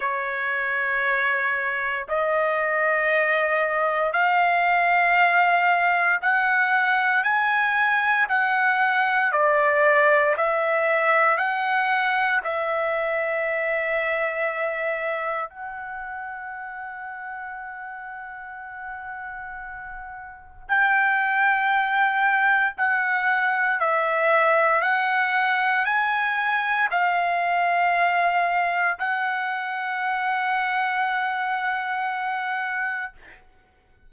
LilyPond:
\new Staff \with { instrumentName = "trumpet" } { \time 4/4 \tempo 4 = 58 cis''2 dis''2 | f''2 fis''4 gis''4 | fis''4 d''4 e''4 fis''4 | e''2. fis''4~ |
fis''1 | g''2 fis''4 e''4 | fis''4 gis''4 f''2 | fis''1 | }